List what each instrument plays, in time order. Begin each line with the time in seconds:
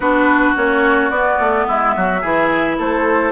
0.00 bassoon B3, clarinet D4, oboe F#4, flute B4
0.56 bassoon A#3, clarinet C#4, flute C#5
1.09 bassoon B3, clarinet B3, flute D5
1.39 bassoon A3
1.66 bassoon G#3, oboe E4, flute E5
1.96 bassoon F#3, oboe F#4
2.20 bassoon E3, clarinet E4, oboe G#4
2.78 bassoon A3, oboe A4, flute C5